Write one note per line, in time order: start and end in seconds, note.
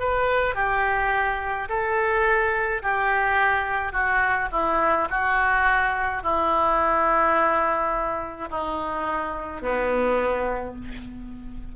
0.00 0.56 B4
0.56 1.69 G4
1.69 2.83 A4
2.83 3.93 G4
3.93 4.49 F#4
4.52 5.09 E4
5.10 6.23 F#4
6.23 8.50 E4
8.50 9.62 D#4
9.62 10.75 B3